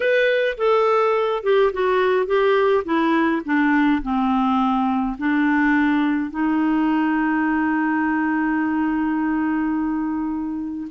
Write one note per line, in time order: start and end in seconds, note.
0.00 0.57 B4
0.57 1.43 A4
1.43 1.71 G4
1.72 2.26 F#4
2.26 2.83 G4
2.84 3.42 E4
3.45 4.02 D4
4.02 5.16 C4
5.17 6.30 D4
6.30 10.87 D#4